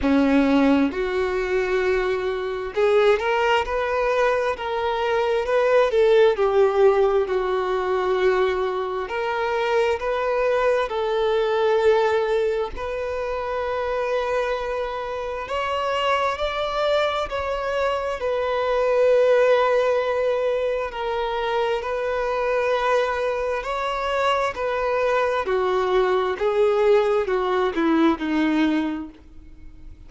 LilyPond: \new Staff \with { instrumentName = "violin" } { \time 4/4 \tempo 4 = 66 cis'4 fis'2 gis'8 ais'8 | b'4 ais'4 b'8 a'8 g'4 | fis'2 ais'4 b'4 | a'2 b'2~ |
b'4 cis''4 d''4 cis''4 | b'2. ais'4 | b'2 cis''4 b'4 | fis'4 gis'4 fis'8 e'8 dis'4 | }